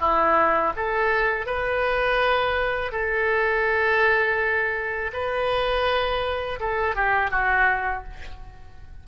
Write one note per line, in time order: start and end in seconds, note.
0.00 0.73 E4
0.76 1.47 A4
1.47 2.92 B4
2.92 5.12 A4
5.13 6.60 B4
6.60 6.96 A4
6.96 7.31 G4
7.31 8.04 F#4